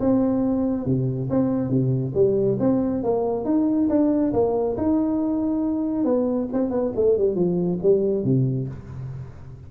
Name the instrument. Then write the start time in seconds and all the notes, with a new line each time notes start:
tuba
0.00 C4
0.86 C3
1.30 C4
1.69 C3
2.14 G3
2.59 C4
3.03 A#3
3.45 D#4
3.89 D4
4.33 A#3
4.77 D#4
6.05 B3
6.53 C4
6.70 B3
6.96 A3
7.17 G3
7.35 F3
7.82 G3
8.24 C3